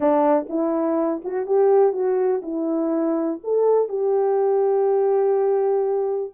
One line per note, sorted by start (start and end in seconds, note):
0.00 0.47 D4
0.49 1.22 E4
1.24 1.46 F#4
1.46 1.92 G4
1.92 2.41 F#4
2.42 3.39 E4
3.43 3.88 A4
3.88 6.32 G4